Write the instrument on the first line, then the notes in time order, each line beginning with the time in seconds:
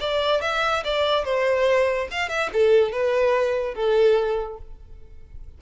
violin
0.00 D5
0.41 E5
0.84 D5
1.24 C5
2.10 F5
2.29 E5
2.52 A4
2.91 B4
3.74 A4